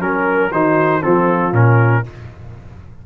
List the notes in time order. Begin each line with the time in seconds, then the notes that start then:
0.00 F#3 C#4 A#4
0.52 D#3 D#4 F#4 C5
1.02 F3 C4 F4 A4
1.53 A#2 C#4 A#4